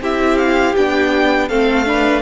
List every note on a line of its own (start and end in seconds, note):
0.00 0.75 C4
0.00 0.77 E4
0.00 1.48 G4
0.00 0.37 E5
0.37 0.75 F5
0.76 1.50 B3
0.76 1.50 D4
0.76 1.48 G5
1.48 2.21 A3
1.48 1.85 C4
1.48 1.86 A4
1.48 2.21 F5
1.85 2.21 D4
1.85 2.21 B4